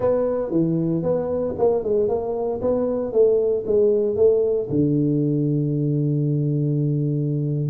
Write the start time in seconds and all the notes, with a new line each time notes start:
0.00 B3
0.51 E3
1.02 B3
1.58 A#3
1.83 G#3
2.08 A#3
2.61 B3
3.12 A3
3.66 G#3
4.16 A3
4.69 D3